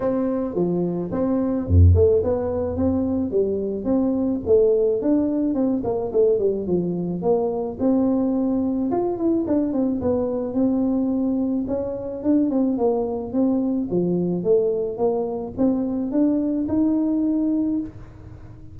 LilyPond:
\new Staff \with { instrumentName = "tuba" } { \time 4/4 \tempo 4 = 108 c'4 f4 c'4 f,8 a8 | b4 c'4 g4 c'4 | a4 d'4 c'8 ais8 a8 g8 | f4 ais4 c'2 |
f'8 e'8 d'8 c'8 b4 c'4~ | c'4 cis'4 d'8 c'8 ais4 | c'4 f4 a4 ais4 | c'4 d'4 dis'2 | }